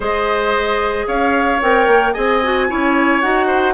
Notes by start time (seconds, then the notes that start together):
0.00 G#3 G#4 C5 D#5
1.07 C#4 C#5 F5
1.60 C4 A#4 G5
1.87 A#3
2.13 C4 G#4 D#5 G#5
2.43 F#4
2.68 C#4 E4 C#5
3.20 D#4 F#4 F#5
3.46 C5